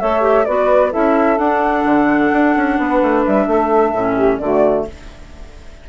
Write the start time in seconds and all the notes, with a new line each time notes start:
0.00 A3 A4 C#5 E5
0.22 G4
0.45 B3 F#4 B4 D5
0.91 C#4 E4 A4 E5
1.38 D4 F#5
1.86 D3
2.33 D4
2.57 C#4
2.79 B3 B4
3.03 A3
3.25 G3 E5
3.47 A3 A4
3.94 A2 C#4
4.16 G4
4.39 D3 A3 F#4 D5